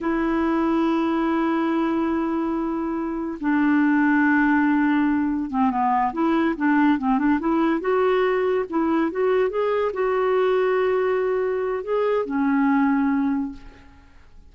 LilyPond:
\new Staff \with { instrumentName = "clarinet" } { \time 4/4 \tempo 4 = 142 e'1~ | e'1 | d'1~ | d'4 c'8 b4 e'4 d'8~ |
d'8 c'8 d'8 e'4 fis'4.~ | fis'8 e'4 fis'4 gis'4 fis'8~ | fis'1 | gis'4 cis'2. | }